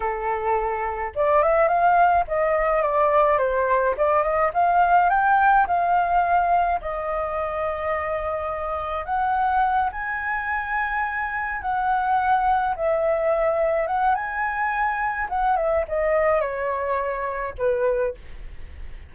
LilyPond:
\new Staff \with { instrumentName = "flute" } { \time 4/4 \tempo 4 = 106 a'2 d''8 e''8 f''4 | dis''4 d''4 c''4 d''8 dis''8 | f''4 g''4 f''2 | dis''1 |
fis''4. gis''2~ gis''8~ | gis''8 fis''2 e''4.~ | e''8 fis''8 gis''2 fis''8 e''8 | dis''4 cis''2 b'4 | }